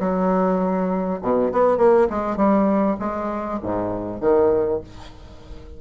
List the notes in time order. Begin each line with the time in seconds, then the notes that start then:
0.00 F#3
1.22 B2
1.52 B3
1.78 A#3
2.10 G#3
2.36 G3
2.99 G#3
3.62 G#2
4.21 D#3